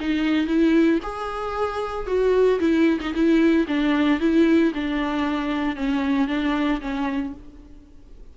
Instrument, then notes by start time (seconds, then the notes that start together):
viola
0.00 D#4
0.47 E4
1.02 G#4
2.07 F#4
2.60 E4
3.00 D#4
3.14 E4
3.68 D4
4.20 E4
4.75 D4
5.76 C#4
6.28 D4
6.81 C#4